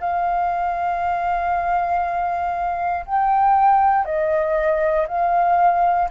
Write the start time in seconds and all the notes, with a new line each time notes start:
0.00 F5
3.06 G5
4.05 D#5
5.07 F5